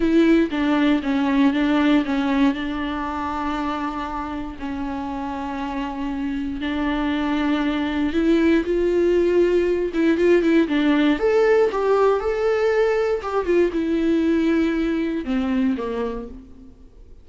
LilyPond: \new Staff \with { instrumentName = "viola" } { \time 4/4 \tempo 4 = 118 e'4 d'4 cis'4 d'4 | cis'4 d'2.~ | d'4 cis'2.~ | cis'4 d'2. |
e'4 f'2~ f'8 e'8 | f'8 e'8 d'4 a'4 g'4 | a'2 g'8 f'8 e'4~ | e'2 c'4 ais4 | }